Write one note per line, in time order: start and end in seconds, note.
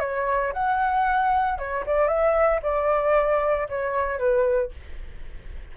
0.00 0.53 C#5
0.53 1.58 F#5
1.58 1.84 C#5
1.86 2.08 D5
2.08 2.61 E5
2.63 3.68 D5
3.69 4.19 C#5
4.19 4.71 B4